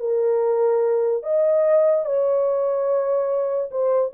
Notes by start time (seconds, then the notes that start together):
0.00 A#4
1.23 D#5
2.05 C#5
3.71 C5